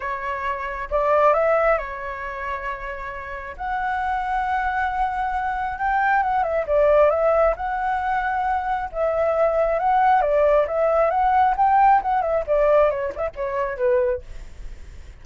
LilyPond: \new Staff \with { instrumentName = "flute" } { \time 4/4 \tempo 4 = 135 cis''2 d''4 e''4 | cis''1 | fis''1~ | fis''4 g''4 fis''8 e''8 d''4 |
e''4 fis''2. | e''2 fis''4 d''4 | e''4 fis''4 g''4 fis''8 e''8 | d''4 cis''8 d''16 e''16 cis''4 b'4 | }